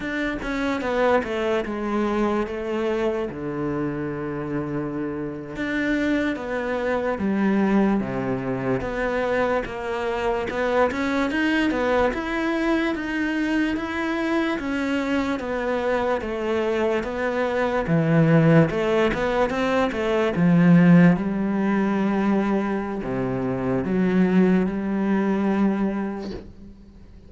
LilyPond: \new Staff \with { instrumentName = "cello" } { \time 4/4 \tempo 4 = 73 d'8 cis'8 b8 a8 gis4 a4 | d2~ d8. d'4 b16~ | b8. g4 c4 b4 ais16~ | ais8. b8 cis'8 dis'8 b8 e'4 dis'16~ |
dis'8. e'4 cis'4 b4 a16~ | a8. b4 e4 a8 b8 c'16~ | c'16 a8 f4 g2~ g16 | c4 fis4 g2 | }